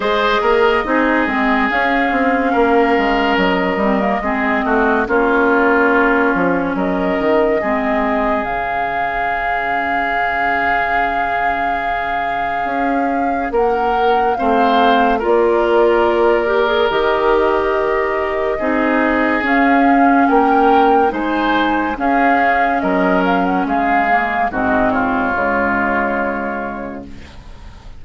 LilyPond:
<<
  \new Staff \with { instrumentName = "flute" } { \time 4/4 \tempo 4 = 71 dis''2 f''2 | dis''2 cis''2 | dis''2 f''2~ | f''1 |
fis''4 f''4 d''2 | dis''2. f''4 | g''4 gis''4 f''4 dis''8 f''16 fis''16 | f''4 dis''8 cis''2~ cis''8 | }
  \new Staff \with { instrumentName = "oboe" } { \time 4/4 c''8 ais'8 gis'2 ais'4~ | ais'4 gis'8 fis'8 f'2 | ais'4 gis'2.~ | gis'1 |
ais'4 c''4 ais'2~ | ais'2 gis'2 | ais'4 c''4 gis'4 ais'4 | gis'4 fis'8 f'2~ f'8 | }
  \new Staff \with { instrumentName = "clarinet" } { \time 4/4 gis'4 dis'8 c'8 cis'2~ | cis'8 c'16 ais16 c'4 cis'2~ | cis'4 c'4 cis'2~ | cis'1~ |
cis'4 c'4 f'4. g'16 gis'16 | g'2 dis'4 cis'4~ | cis'4 dis'4 cis'2~ | cis'8 ais8 c'4 gis2 | }
  \new Staff \with { instrumentName = "bassoon" } { \time 4/4 gis8 ais8 c'8 gis8 cis'8 c'8 ais8 gis8 | fis8 g8 gis8 a8 ais4. f8 | fis8 dis8 gis4 cis2~ | cis2. cis'4 |
ais4 a4 ais2 | dis2 c'4 cis'4 | ais4 gis4 cis'4 fis4 | gis4 gis,4 cis2 | }
>>